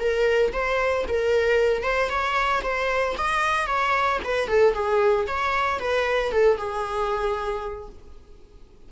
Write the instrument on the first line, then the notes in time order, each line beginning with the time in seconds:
viola
0.00 A#4
0.53 C5
1.08 A#4
1.83 C5
2.10 C#5
2.63 C5
3.18 D#5
3.67 C#5
4.25 B4
4.48 A4
4.74 G#4
5.27 C#5
5.80 B4
6.32 A4
6.58 G#4